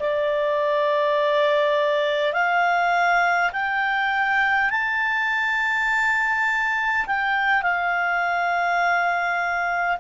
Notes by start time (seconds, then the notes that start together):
0.00 D5
2.33 F5
3.53 G5
4.71 A5
7.07 G5
7.63 F5